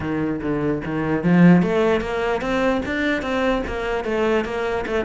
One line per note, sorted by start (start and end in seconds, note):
0.00 0.41 D#3
0.41 0.82 D3
0.85 1.23 D#3
1.23 1.62 F3
1.62 2.00 A3
2.00 2.41 A#3
2.41 2.81 C4
2.85 3.22 D4
3.22 3.62 C4
3.66 4.04 A#3
4.04 4.44 A3
4.44 4.85 A#3
4.86 5.05 A3